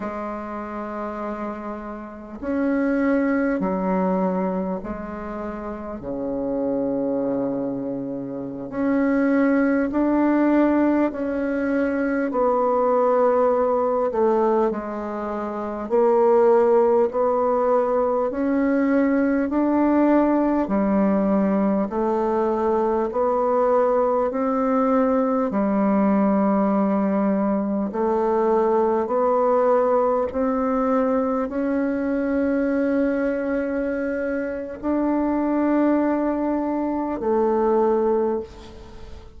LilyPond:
\new Staff \with { instrumentName = "bassoon" } { \time 4/4 \tempo 4 = 50 gis2 cis'4 fis4 | gis4 cis2~ cis16 cis'8.~ | cis'16 d'4 cis'4 b4. a16~ | a16 gis4 ais4 b4 cis'8.~ |
cis'16 d'4 g4 a4 b8.~ | b16 c'4 g2 a8.~ | a16 b4 c'4 cis'4.~ cis'16~ | cis'4 d'2 a4 | }